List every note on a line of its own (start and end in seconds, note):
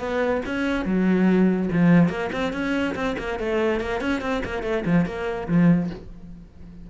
0.00 0.42 B3
0.46 0.86 C#4
0.86 1.70 F#3
1.73 2.10 F3
2.10 2.31 A#3
2.33 2.53 C4
2.53 2.95 C#4
2.96 3.17 C4
3.19 3.40 A#3
3.40 3.81 A3
3.81 4.01 A#3
4.01 4.22 C#4
4.22 4.43 C4
4.45 4.63 A#3
4.63 4.84 A3
4.86 5.06 F3
5.06 5.48 A#3
5.49 5.90 F3